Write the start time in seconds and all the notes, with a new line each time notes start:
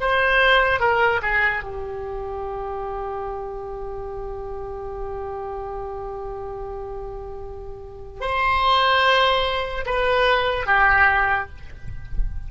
0.00 C5
0.79 A#4
1.22 G#4
1.63 G4
8.20 C5
9.85 B4
10.66 G4